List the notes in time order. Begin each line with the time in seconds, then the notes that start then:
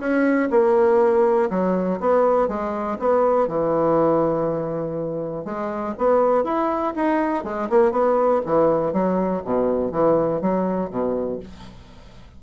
0.00 C#4
0.51 A#3
1.51 F#3
2.01 B3
2.49 G#3
3.00 B3
3.48 E3
5.45 G#3
5.98 B3
6.44 E4
6.96 D#4
7.44 G#3
7.70 A#3
7.92 B3
8.46 E3
8.93 F#3
9.45 B2
9.92 E3
10.42 F#3
10.90 B2